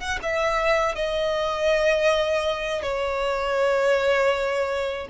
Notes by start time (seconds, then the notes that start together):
0.00 F#5
0.22 E5
0.95 D#5
2.83 C#5